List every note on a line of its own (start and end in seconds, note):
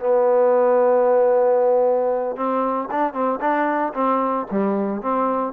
0.00 2.36 B3
2.36 2.89 C4
2.91 3.13 D4
3.13 3.40 C4
3.40 3.93 D4
3.94 4.46 C4
4.51 5.02 G3
5.02 5.53 C4